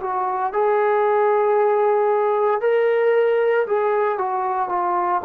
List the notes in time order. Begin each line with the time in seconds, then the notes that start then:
0.00 F#4
0.53 G#4
2.61 A#4
3.67 G#4
4.18 F#4
4.68 F4